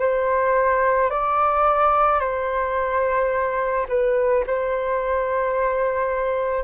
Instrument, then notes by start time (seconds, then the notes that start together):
flute
0.00 C5
1.11 D5
2.20 C5
3.89 B4
4.47 C5